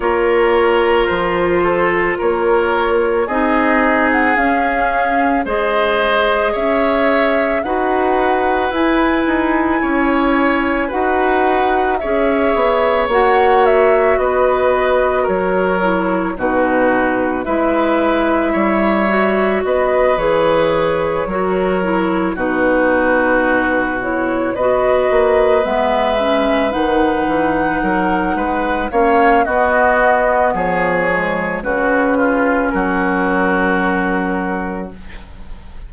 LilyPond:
<<
  \new Staff \with { instrumentName = "flute" } { \time 4/4 \tempo 4 = 55 cis''4 c''4 cis''4 dis''8. fis''16 | f''4 dis''4 e''4 fis''4 | gis''2 fis''4 e''4 | fis''8 e''8 dis''4 cis''4 b'4 |
e''2 dis''8 cis''4.~ | cis''8 b'4. cis''8 dis''4 e''8~ | e''8 fis''2 f''8 dis''4 | cis''4 b'4 ais'2 | }
  \new Staff \with { instrumentName = "oboe" } { \time 4/4 ais'4. a'8 ais'4 gis'4~ | gis'4 c''4 cis''4 b'4~ | b'4 cis''4 b'4 cis''4~ | cis''4 b'4 ais'4 fis'4 |
b'4 cis''4 b'4. ais'8~ | ais'8 fis'2 b'4.~ | b'4. ais'8 b'8 cis''8 fis'4 | gis'4 fis'8 f'8 fis'2 | }
  \new Staff \with { instrumentName = "clarinet" } { \time 4/4 f'2. dis'4 | cis'4 gis'2 fis'4 | e'2 fis'4 gis'4 | fis'2~ fis'8 e'8 dis'4 |
e'4. fis'4 gis'4 fis'8 | e'8 dis'4. e'8 fis'4 b8 | cis'8 dis'2 cis'8 b4~ | b8 gis8 cis'2. | }
  \new Staff \with { instrumentName = "bassoon" } { \time 4/4 ais4 f4 ais4 c'4 | cis'4 gis4 cis'4 dis'4 | e'8 dis'8 cis'4 dis'4 cis'8 b8 | ais4 b4 fis4 b,4 |
gis4 g4 b8 e4 fis8~ | fis8 b,2 b8 ais8 gis8~ | gis8 dis8 e8 fis8 gis8 ais8 b4 | f4 cis4 fis2 | }
>>